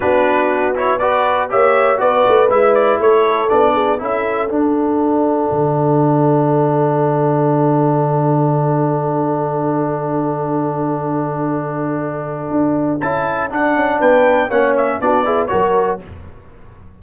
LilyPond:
<<
  \new Staff \with { instrumentName = "trumpet" } { \time 4/4 \tempo 4 = 120 b'4. cis''8 d''4 e''4 | d''4 e''8 d''8 cis''4 d''4 | e''4 fis''2.~ | fis''1~ |
fis''1~ | fis''1~ | fis''2 a''4 fis''4 | g''4 fis''8 e''8 d''4 cis''4 | }
  \new Staff \with { instrumentName = "horn" } { \time 4/4 fis'2 b'4 cis''4 | b'2 a'4. gis'8 | a'1~ | a'1~ |
a'1~ | a'1~ | a'1 | b'4 cis''4 fis'8 gis'8 ais'4 | }
  \new Staff \with { instrumentName = "trombone" } { \time 4/4 d'4. e'8 fis'4 g'4 | fis'4 e'2 d'4 | e'4 d'2.~ | d'1~ |
d'1~ | d'1~ | d'2 e'4 d'4~ | d'4 cis'4 d'8 e'8 fis'4 | }
  \new Staff \with { instrumentName = "tuba" } { \time 4/4 b2. ais4 | b8 a8 gis4 a4 b4 | cis'4 d'2 d4~ | d1~ |
d1~ | d1~ | d4 d'4 cis'4 d'8 cis'8 | b4 ais4 b4 fis4 | }
>>